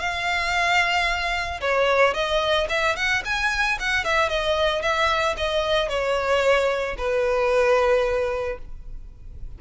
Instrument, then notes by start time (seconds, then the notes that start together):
violin
0.00 F5
1.61 C#5
2.14 D#5
2.70 E5
2.97 F#5
3.25 G#5
3.80 F#5
4.05 E5
4.30 D#5
4.82 E5
5.38 D#5
5.89 C#5
6.98 B4